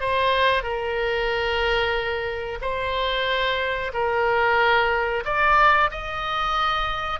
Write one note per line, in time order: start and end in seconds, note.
0.00 0.63 C5
0.63 2.59 A#4
2.61 3.92 C5
3.93 5.24 A#4
5.25 5.90 D5
5.91 7.20 D#5